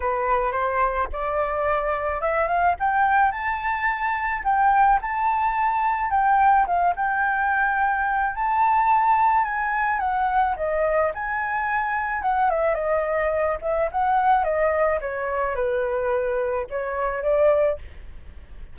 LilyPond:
\new Staff \with { instrumentName = "flute" } { \time 4/4 \tempo 4 = 108 b'4 c''4 d''2 | e''8 f''8 g''4 a''2 | g''4 a''2 g''4 | f''8 g''2~ g''8 a''4~ |
a''4 gis''4 fis''4 dis''4 | gis''2 fis''8 e''8 dis''4~ | dis''8 e''8 fis''4 dis''4 cis''4 | b'2 cis''4 d''4 | }